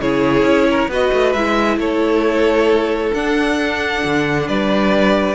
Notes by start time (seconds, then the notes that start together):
0.00 C#3 E4 G#4 C#5
0.42 C#4
0.70 A#4
0.88 B3 F#4 B4 D#5
1.13 A3
1.33 G#3 E4 E5
1.77 A3 A4 C#5
3.13 D4 F#5
4.04 D3
4.47 G3 B4 D5